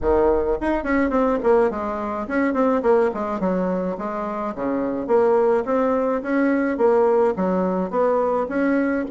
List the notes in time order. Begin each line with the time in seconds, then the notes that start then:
0.01 D#3
0.60 D#4
0.83 C#4
1.10 C4
1.43 A#3
1.70 G#3
2.27 C#4
2.53 C4
2.82 A#3
3.13 G#3
3.40 F#3
3.98 G#3
4.55 C#3
5.07 A#3
5.65 C4
6.22 C#4
6.77 A#3
7.36 F#3
7.90 B3
8.48 C#4